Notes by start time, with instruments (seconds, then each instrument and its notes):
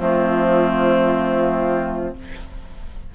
0.00 bassoon F3, clarinet A3, oboe C4, flute F4